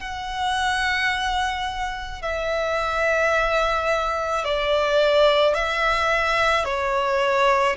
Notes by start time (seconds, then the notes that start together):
0.00 F#5
2.22 E5
4.44 D5
5.54 E5
6.65 C#5